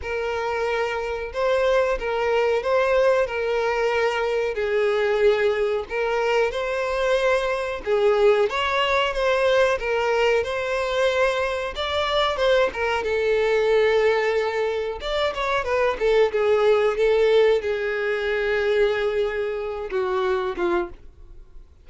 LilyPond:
\new Staff \with { instrumentName = "violin" } { \time 4/4 \tempo 4 = 92 ais'2 c''4 ais'4 | c''4 ais'2 gis'4~ | gis'4 ais'4 c''2 | gis'4 cis''4 c''4 ais'4 |
c''2 d''4 c''8 ais'8 | a'2. d''8 cis''8 | b'8 a'8 gis'4 a'4 gis'4~ | gis'2~ gis'8 fis'4 f'8 | }